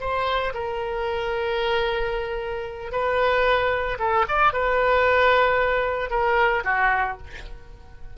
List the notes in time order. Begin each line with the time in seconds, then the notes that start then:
0.00 C5
0.54 A#4
2.92 B4
3.99 A4
4.28 D5
4.53 B4
6.10 A#4
6.64 F#4